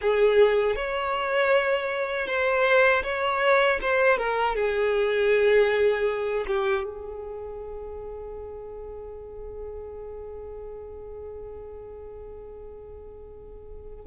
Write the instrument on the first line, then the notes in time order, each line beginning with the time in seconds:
violin
0.01 G#4
0.75 C#5
2.26 C5
3.03 C#5
3.81 C5
4.17 A#4
4.55 G#4
6.47 G4
6.84 G#4